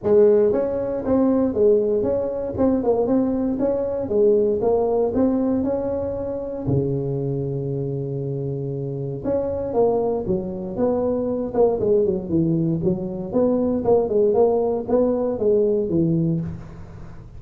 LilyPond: \new Staff \with { instrumentName = "tuba" } { \time 4/4 \tempo 4 = 117 gis4 cis'4 c'4 gis4 | cis'4 c'8 ais8 c'4 cis'4 | gis4 ais4 c'4 cis'4~ | cis'4 cis2.~ |
cis2 cis'4 ais4 | fis4 b4. ais8 gis8 fis8 | e4 fis4 b4 ais8 gis8 | ais4 b4 gis4 e4 | }